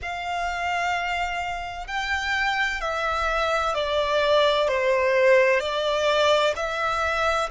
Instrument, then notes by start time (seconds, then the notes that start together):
violin
0.02 F5
1.87 G5
2.80 E5
3.74 D5
4.67 C5
5.60 D5
6.55 E5